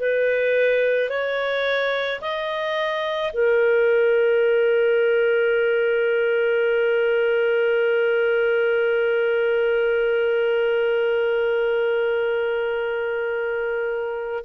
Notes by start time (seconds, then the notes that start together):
0.00 B4
1.10 C#5
2.21 D#5
3.33 A#4